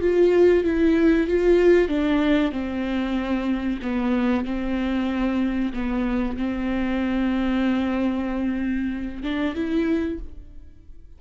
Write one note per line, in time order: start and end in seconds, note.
0.00 0.64 F4
0.64 1.27 E4
1.27 1.88 F4
1.88 2.51 D4
2.51 3.79 C4
3.82 4.44 B3
4.44 5.72 C4
5.73 6.37 B3
6.37 9.22 C4
9.22 9.54 D4
9.54 10.18 E4